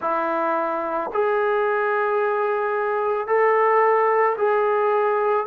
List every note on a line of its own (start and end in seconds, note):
0.01 1.10 E4
1.13 3.27 G#4
3.27 4.36 A4
4.37 5.46 G#4